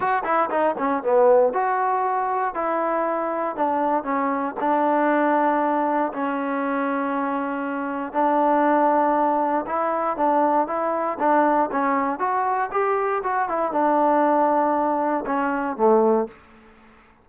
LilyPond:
\new Staff \with { instrumentName = "trombone" } { \time 4/4 \tempo 4 = 118 fis'8 e'8 dis'8 cis'8 b4 fis'4~ | fis'4 e'2 d'4 | cis'4 d'2. | cis'1 |
d'2. e'4 | d'4 e'4 d'4 cis'4 | fis'4 g'4 fis'8 e'8 d'4~ | d'2 cis'4 a4 | }